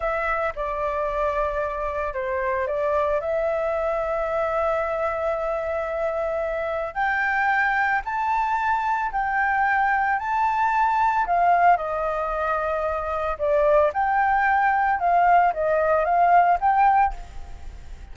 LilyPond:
\new Staff \with { instrumentName = "flute" } { \time 4/4 \tempo 4 = 112 e''4 d''2. | c''4 d''4 e''2~ | e''1~ | e''4 g''2 a''4~ |
a''4 g''2 a''4~ | a''4 f''4 dis''2~ | dis''4 d''4 g''2 | f''4 dis''4 f''4 g''4 | }